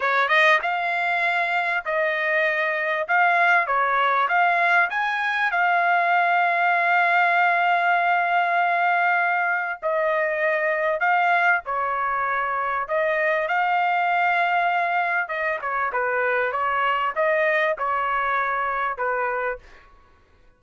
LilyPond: \new Staff \with { instrumentName = "trumpet" } { \time 4/4 \tempo 4 = 98 cis''8 dis''8 f''2 dis''4~ | dis''4 f''4 cis''4 f''4 | gis''4 f''2.~ | f''1 |
dis''2 f''4 cis''4~ | cis''4 dis''4 f''2~ | f''4 dis''8 cis''8 b'4 cis''4 | dis''4 cis''2 b'4 | }